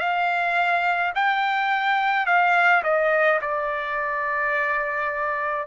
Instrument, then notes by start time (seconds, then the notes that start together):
trumpet
0.00 F5
1.15 G5
2.26 F5
2.84 D#5
3.42 D5